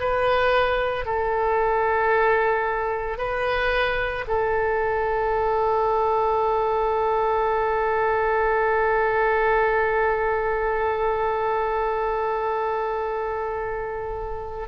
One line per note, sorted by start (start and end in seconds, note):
0.00 1.06 B4
1.06 3.18 A4
3.18 4.25 B4
4.28 14.68 A4